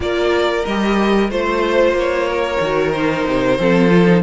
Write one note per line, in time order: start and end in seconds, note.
0.00 0.64 A#3
0.00 0.63 F4
0.00 1.30 A#4
0.00 0.65 D5
0.65 1.31 G3
0.65 1.29 G4
0.65 1.30 D#5
1.29 1.92 A3
1.29 2.60 F4
1.29 2.28 C5
1.29 1.96 C5
1.92 2.57 A#3
1.98 2.91 C#5
2.28 3.59 A#4
2.60 3.25 D#3
2.60 2.94 F#4
2.91 3.58 D#4
2.91 4.21 C5
3.27 3.58 C3
3.58 4.23 F3
3.58 3.88 C4
3.58 4.23 A4
3.88 4.04 F4
4.06 4.22 D#4